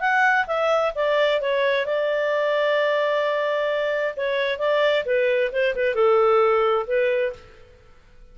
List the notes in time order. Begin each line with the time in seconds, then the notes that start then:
0.00 F#5
0.47 E5
0.95 D5
1.41 C#5
1.86 D5
4.17 C#5
4.58 D5
5.06 B4
5.52 C5
5.75 B4
5.95 A4
6.87 B4